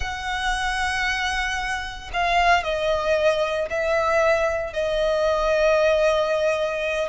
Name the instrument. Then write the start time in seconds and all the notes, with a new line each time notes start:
violin
0.00 F#5
2.13 F5
2.63 D#5
3.69 E5
4.73 D#5